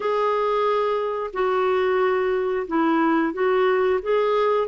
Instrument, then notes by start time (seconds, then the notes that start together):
clarinet
0.00 G#4
1.33 F#4
2.67 E4
3.33 F#4
4.02 G#4